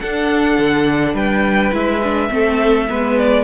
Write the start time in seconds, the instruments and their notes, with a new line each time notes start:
0.00 viola D4, cello D4, violin A4 F#5
0.59 cello D3
1.14 cello G3, violin B4 G5
1.72 cello G#3, viola E4, violin E5
2.03 viola D4
2.30 cello A3, viola C4, violin A4
2.89 cello G#3, viola B3, violin B4
3.19 violin D5